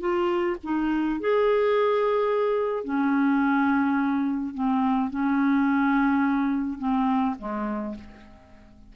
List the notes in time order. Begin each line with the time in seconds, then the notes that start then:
0.00 F4
0.64 D#4
1.20 G#4
2.84 C#4
4.54 C4
5.10 C#4
6.79 C4
7.38 G#3